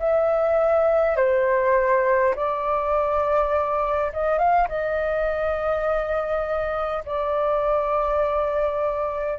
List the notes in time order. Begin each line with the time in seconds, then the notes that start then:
0.00 E5
1.17 C5
2.36 D5
4.13 D#5
4.39 F5
4.69 D#5
7.05 D5